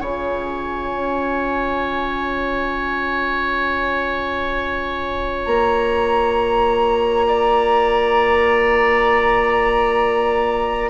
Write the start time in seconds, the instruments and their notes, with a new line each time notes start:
0.00 bassoon C#3, clarinet F4, oboe C#5, flute G#5
0.92 bassoon C#4
5.46 bassoon A#3, flute A#5
7.28 oboe D5